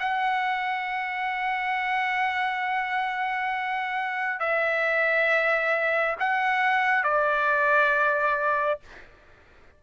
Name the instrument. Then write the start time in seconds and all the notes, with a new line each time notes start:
trumpet
0.00 F#5
4.40 E5
6.20 F#5
7.04 D5